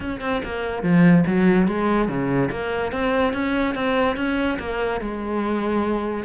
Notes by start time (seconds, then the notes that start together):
0.00 C#4
0.21 C4
0.44 A#3
0.82 F3
1.26 F#3
1.67 G#3
2.08 C#3
2.50 A#3
2.92 C4
3.33 C#4
3.74 C4
4.16 C#4
4.59 A#3
5.00 G#3